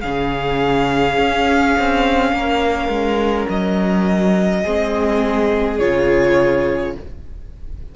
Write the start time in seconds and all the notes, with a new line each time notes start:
0.00 C#3 C#4 G#4 F5
1.17 C#4
1.79 C4
2.32 A#3 A#4
2.88 G#3
3.49 F#3 D#5
4.62 G#3 C4 G#4
5.79 C#3 F4 C#5